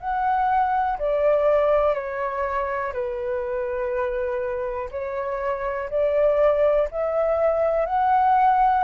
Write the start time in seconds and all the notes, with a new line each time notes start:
0.00 F#5
0.99 D5
1.94 C#5
2.93 B4
4.91 C#5
5.90 D5
6.91 E5
7.86 F#5